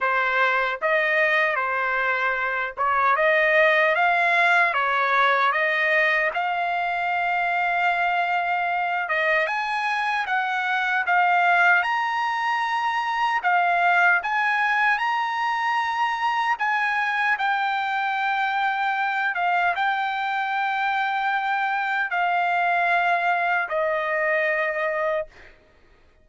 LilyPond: \new Staff \with { instrumentName = "trumpet" } { \time 4/4 \tempo 4 = 76 c''4 dis''4 c''4. cis''8 | dis''4 f''4 cis''4 dis''4 | f''2.~ f''8 dis''8 | gis''4 fis''4 f''4 ais''4~ |
ais''4 f''4 gis''4 ais''4~ | ais''4 gis''4 g''2~ | g''8 f''8 g''2. | f''2 dis''2 | }